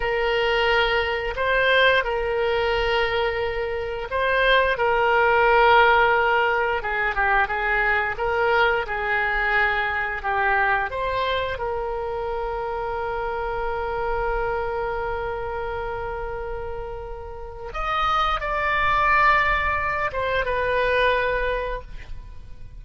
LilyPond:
\new Staff \with { instrumentName = "oboe" } { \time 4/4 \tempo 4 = 88 ais'2 c''4 ais'4~ | ais'2 c''4 ais'4~ | ais'2 gis'8 g'8 gis'4 | ais'4 gis'2 g'4 |
c''4 ais'2.~ | ais'1~ | ais'2 dis''4 d''4~ | d''4. c''8 b'2 | }